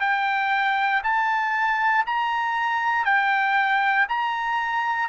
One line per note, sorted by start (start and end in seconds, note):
0.00 1.02 G5
1.03 2.05 A5
2.06 3.05 A#5
3.05 4.07 G5
4.08 5.08 A#5